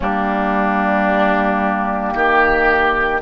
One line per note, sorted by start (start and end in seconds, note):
0.00 2.14 G3
0.00 3.21 A#3
0.00 2.14 D4
0.00 3.21 G4
2.14 3.21 D#3
2.14 3.21 G4